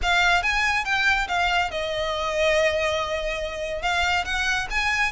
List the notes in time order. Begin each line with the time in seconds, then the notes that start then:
0.02 F5
0.42 G#5
0.85 G5
1.28 F5
1.70 D#5
3.82 F5
4.25 F#5
4.70 G#5